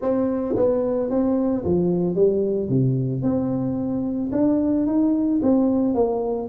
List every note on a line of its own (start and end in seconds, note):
0.01 0.55 C4
0.56 1.10 B3
1.10 1.64 C4
1.64 2.15 F3
2.15 2.69 G3
2.69 3.22 C3
3.22 4.30 C4
4.32 4.86 D4
4.86 5.40 D#4
5.42 5.94 C4
5.94 6.48 A#3